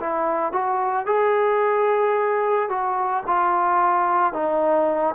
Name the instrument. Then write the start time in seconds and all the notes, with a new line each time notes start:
trombone
0.00 E4
0.53 F#4
1.06 G#4
2.69 F#4
3.27 F4
4.33 D#4